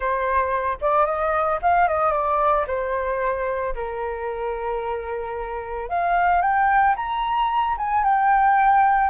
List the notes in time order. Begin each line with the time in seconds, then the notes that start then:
0.00 C5
0.81 D5
1.05 D#5
1.62 F5
1.87 D#5
2.12 D5
2.67 C5
3.74 A#4
5.89 F5
6.41 G5
6.96 A#5
7.77 G#5
8.04 G5